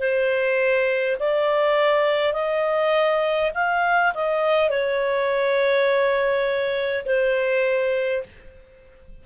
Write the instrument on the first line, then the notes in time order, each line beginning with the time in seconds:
clarinet
0.00 C5
1.20 D5
2.34 D#5
3.55 F5
4.15 D#5
4.70 C#5
7.06 C5